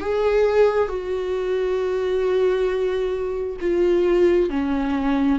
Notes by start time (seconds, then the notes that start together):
0.00 G#4
0.88 F#4
3.60 F4
4.49 C#4